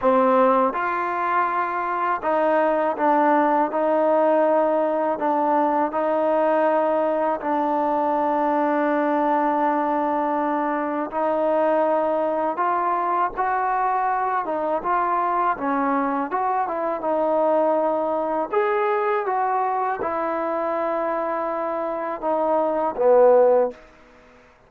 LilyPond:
\new Staff \with { instrumentName = "trombone" } { \time 4/4 \tempo 4 = 81 c'4 f'2 dis'4 | d'4 dis'2 d'4 | dis'2 d'2~ | d'2. dis'4~ |
dis'4 f'4 fis'4. dis'8 | f'4 cis'4 fis'8 e'8 dis'4~ | dis'4 gis'4 fis'4 e'4~ | e'2 dis'4 b4 | }